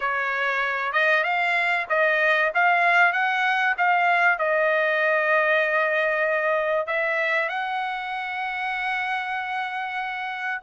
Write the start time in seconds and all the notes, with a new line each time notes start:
0.00 C#5
0.92 D#5
1.23 F5
1.89 D#5
2.54 F5
3.12 F#5
3.77 F5
4.38 D#5
6.87 E5
7.49 F#5